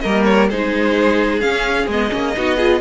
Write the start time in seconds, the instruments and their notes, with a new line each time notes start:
0.00 cello G3, viola A#3, violin A#4 D#5
0.25 violin C#5
0.50 cello G#3, viola D#4, violin G#4 C5
1.40 viola C#4, cello C#4, violin F5
1.87 cello G#3, viola B3, violin D#5
2.09 cello A#3, viola C#4
2.36 cello B3, viola D#4, violin F#4
2.56 viola F4, violin G#4